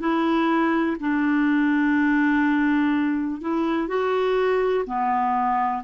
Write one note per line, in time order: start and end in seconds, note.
0.00 0.97 E4
1.00 3.42 D4
3.42 3.88 E4
3.88 4.85 F#4
4.87 5.83 B3